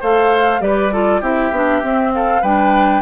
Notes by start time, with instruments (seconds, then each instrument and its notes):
0.00 bassoon A3, clarinet A4, oboe C5, flute F5
0.60 bassoon G3, clarinet G4, oboe B4, flute D5
0.92 clarinet F4, oboe A4
1.20 bassoon C4, clarinet E4, oboe G4, flute E5
1.51 bassoon B3, clarinet D4
1.82 clarinet C4, bassoon C4
2.13 oboe A4, flute F5
2.41 bassoon G3, clarinet D4, oboe B4, flute G5